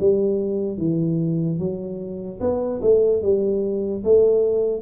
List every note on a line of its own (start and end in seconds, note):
0.00 0.78 G3
0.78 1.59 E3
1.59 2.40 F#3
2.41 2.81 B3
2.82 3.22 A3
3.22 4.04 G3
4.05 4.82 A3